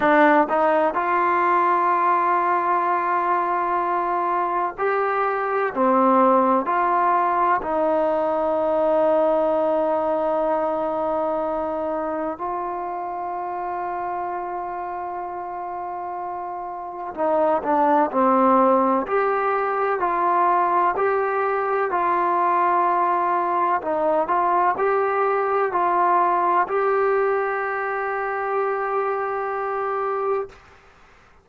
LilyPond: \new Staff \with { instrumentName = "trombone" } { \time 4/4 \tempo 4 = 63 d'8 dis'8 f'2.~ | f'4 g'4 c'4 f'4 | dis'1~ | dis'4 f'2.~ |
f'2 dis'8 d'8 c'4 | g'4 f'4 g'4 f'4~ | f'4 dis'8 f'8 g'4 f'4 | g'1 | }